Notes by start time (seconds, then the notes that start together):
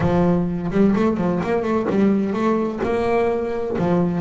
0.00 F3
0.70 G3
0.95 A3
1.17 F3
1.43 A#3
1.62 A3
1.89 G3
2.33 A3
2.83 A#3
3.78 F3